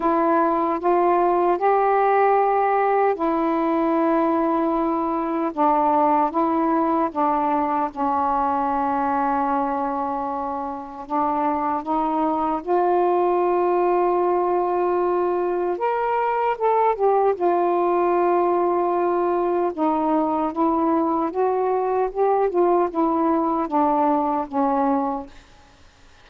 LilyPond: \new Staff \with { instrumentName = "saxophone" } { \time 4/4 \tempo 4 = 76 e'4 f'4 g'2 | e'2. d'4 | e'4 d'4 cis'2~ | cis'2 d'4 dis'4 |
f'1 | ais'4 a'8 g'8 f'2~ | f'4 dis'4 e'4 fis'4 | g'8 f'8 e'4 d'4 cis'4 | }